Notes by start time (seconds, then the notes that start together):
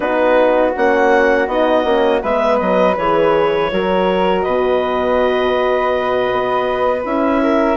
0.00 B3 D#4 F#4 B4
0.75 A#3 C#4 F#5
1.47 B3 D#4 D#5
1.84 A#3 C#4
2.22 G#3 B3 B4 E5
2.58 F#3 D#5
2.96 E3 G#4 C#5
3.71 F#3 F#4 A#4
4.42 B2 B4 D#5
6.32 B3
7.03 C#4 E4 E5
7.42 A#4